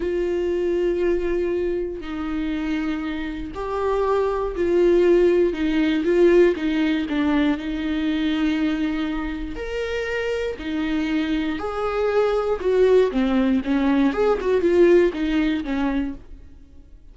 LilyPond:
\new Staff \with { instrumentName = "viola" } { \time 4/4 \tempo 4 = 119 f'1 | dis'2. g'4~ | g'4 f'2 dis'4 | f'4 dis'4 d'4 dis'4~ |
dis'2. ais'4~ | ais'4 dis'2 gis'4~ | gis'4 fis'4 c'4 cis'4 | gis'8 fis'8 f'4 dis'4 cis'4 | }